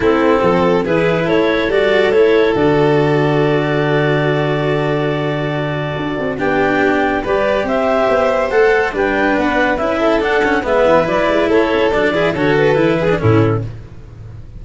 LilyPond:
<<
  \new Staff \with { instrumentName = "clarinet" } { \time 4/4 \tempo 4 = 141 a'2 b'4 cis''4 | d''4 cis''4 d''2~ | d''1~ | d''2. g''4~ |
g''4 d''4 e''2 | fis''4 g''4 fis''4 e''4 | fis''4 e''4 d''4 cis''4 | d''4 cis''8 b'4. a'4 | }
  \new Staff \with { instrumentName = "violin" } { \time 4/4 e'4 a'4 gis'4 a'4~ | a'1~ | a'1~ | a'2. g'4~ |
g'4 b'4 c''2~ | c''4 b'2~ b'8 a'8~ | a'4 b'2 a'4~ | a'8 gis'8 a'4. gis'8 e'4 | }
  \new Staff \with { instrumentName = "cello" } { \time 4/4 c'2 e'2 | fis'4 e'4 fis'2~ | fis'1~ | fis'2. d'4~ |
d'4 g'2. | a'4 d'2 e'4 | d'8 cis'8 b4 e'2 | d'8 e'8 fis'4 e'8. d'16 cis'4 | }
  \new Staff \with { instrumentName = "tuba" } { \time 4/4 a4 f4 e4 a4 | g4 a4 d2~ | d1~ | d2 d'8 c'8 b4~ |
b4 g4 c'4 b4 | a4 g4 b4 cis'4 | d'4 gis8 e8 fis8 gis8 a8 cis'8 | fis8 e8 d4 e4 a,4 | }
>>